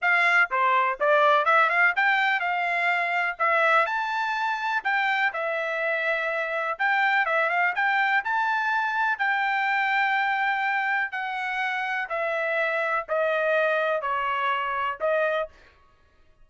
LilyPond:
\new Staff \with { instrumentName = "trumpet" } { \time 4/4 \tempo 4 = 124 f''4 c''4 d''4 e''8 f''8 | g''4 f''2 e''4 | a''2 g''4 e''4~ | e''2 g''4 e''8 f''8 |
g''4 a''2 g''4~ | g''2. fis''4~ | fis''4 e''2 dis''4~ | dis''4 cis''2 dis''4 | }